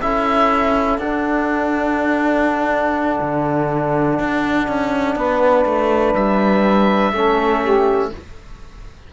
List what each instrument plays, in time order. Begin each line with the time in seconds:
0.00 cello C#4, trombone E4, saxophone A4, oboe E5
0.98 cello D4, trombone D4, oboe F#5
3.21 cello D3
4.20 cello D4
4.68 cello C#4
5.16 cello B3, saxophone B4
5.66 cello A3
6.15 cello G3, oboe E5
7.12 cello A3, trombone C#4, saxophone A4
7.63 saxophone G4